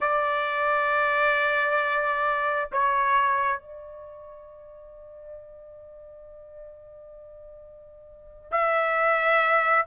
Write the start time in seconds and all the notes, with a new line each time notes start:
0.00 D5
2.72 C#5
3.60 D5
8.51 E5